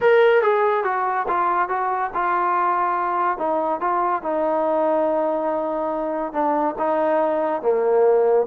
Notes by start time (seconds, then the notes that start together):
0.00 A#4
0.42 G#4
0.84 F#4
1.28 F4
1.68 F#4
2.13 F4
3.38 D#4
3.80 F4
4.22 D#4
6.32 D4
6.78 D#4
7.62 A#3